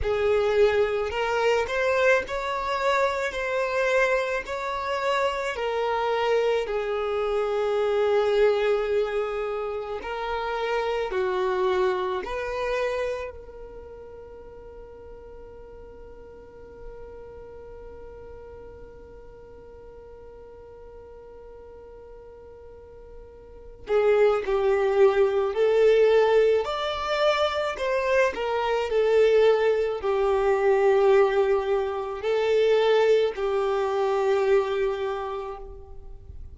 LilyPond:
\new Staff \with { instrumentName = "violin" } { \time 4/4 \tempo 4 = 54 gis'4 ais'8 c''8 cis''4 c''4 | cis''4 ais'4 gis'2~ | gis'4 ais'4 fis'4 b'4 | ais'1~ |
ais'1~ | ais'4. gis'8 g'4 a'4 | d''4 c''8 ais'8 a'4 g'4~ | g'4 a'4 g'2 | }